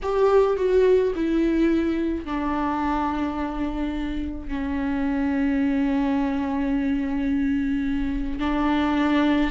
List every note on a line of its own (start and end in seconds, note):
0.02 0.57 G4
0.57 1.13 F#4
1.15 2.25 E4
2.25 4.48 D4
4.48 8.39 C#4
8.39 9.50 D4